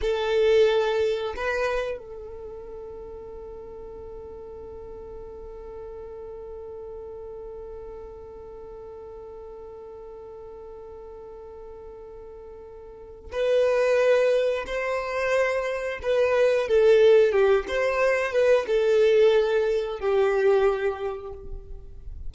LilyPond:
\new Staff \with { instrumentName = "violin" } { \time 4/4 \tempo 4 = 90 a'2 b'4 a'4~ | a'1~ | a'1~ | a'1~ |
a'1 | b'2 c''2 | b'4 a'4 g'8 c''4 b'8 | a'2 g'2 | }